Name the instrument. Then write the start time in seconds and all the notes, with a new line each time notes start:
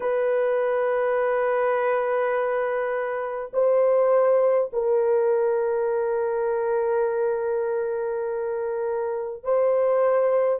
horn
0.00 B4
3.53 C5
4.73 A#4
9.43 C5